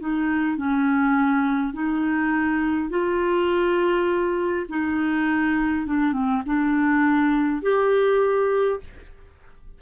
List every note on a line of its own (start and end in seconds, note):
0.00 0.57 D#4
0.57 1.73 C#4
1.73 2.90 D#4
2.90 4.66 F4
4.69 5.87 D#4
5.87 6.13 D4
6.13 6.42 C4
6.46 7.63 D4
7.63 8.80 G4